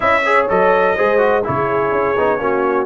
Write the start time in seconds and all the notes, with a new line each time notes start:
0.00 C#4 E4 D#5 E5
0.25 G#4 C#5
0.49 F#3 A4 D#5
0.95 G#3 G#4 C5
1.18 F#4
1.44 C#3 E4 G#4 C#5
1.91 C#4
2.16 B3 D#4
2.39 A#3 C#4 F#4